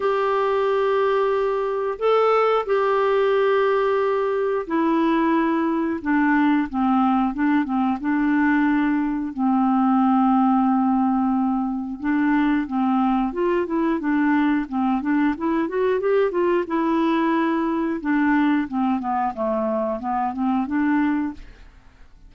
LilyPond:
\new Staff \with { instrumentName = "clarinet" } { \time 4/4 \tempo 4 = 90 g'2. a'4 | g'2. e'4~ | e'4 d'4 c'4 d'8 c'8 | d'2 c'2~ |
c'2 d'4 c'4 | f'8 e'8 d'4 c'8 d'8 e'8 fis'8 | g'8 f'8 e'2 d'4 | c'8 b8 a4 b8 c'8 d'4 | }